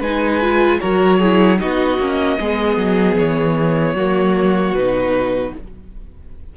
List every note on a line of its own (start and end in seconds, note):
0.00 0.79 G#3
0.00 0.42 D#4
0.00 0.79 B4
0.00 0.80 G#5
0.42 0.82 F4
0.80 1.63 F#3
0.80 1.22 F#4
0.80 1.20 A#4
0.80 1.59 C#5
1.20 1.59 E4
1.20 1.59 G#4
1.59 1.98 B3
1.59 1.99 D#4
1.59 2.39 F#4
1.59 3.18 D#5
1.98 2.38 A#3
1.98 2.41 C#4
2.40 2.77 G#3
2.40 3.99 B3
2.40 3.96 G#4
2.77 3.17 F#3
3.18 3.95 E3
3.18 4.75 C#5
3.95 4.74 F#3
3.95 4.78 A#3
3.95 5.54 F#4
4.74 5.53 B2
4.74 5.57 D#4
4.74 5.54 B4